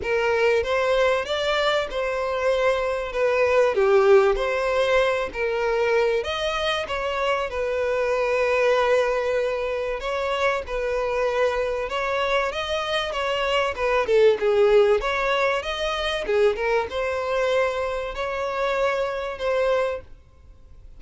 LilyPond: \new Staff \with { instrumentName = "violin" } { \time 4/4 \tempo 4 = 96 ais'4 c''4 d''4 c''4~ | c''4 b'4 g'4 c''4~ | c''8 ais'4. dis''4 cis''4 | b'1 |
cis''4 b'2 cis''4 | dis''4 cis''4 b'8 a'8 gis'4 | cis''4 dis''4 gis'8 ais'8 c''4~ | c''4 cis''2 c''4 | }